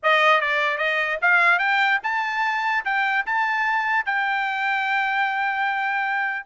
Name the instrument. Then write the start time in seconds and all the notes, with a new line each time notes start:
trumpet
0.03 D#5
0.40 D5
0.77 D#5
1.21 F5
1.58 G5
2.03 A5
2.84 G5
3.25 A5
4.05 G5